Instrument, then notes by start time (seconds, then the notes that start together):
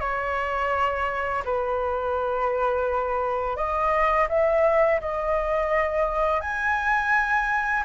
flute
0.00 C#5
1.45 B4
3.56 D#5
4.29 E5
5.01 D#5
6.41 G#5